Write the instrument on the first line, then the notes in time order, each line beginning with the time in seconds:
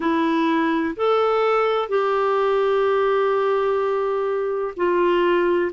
clarinet
0.00 E4
0.96 A4
1.88 G4
4.76 F4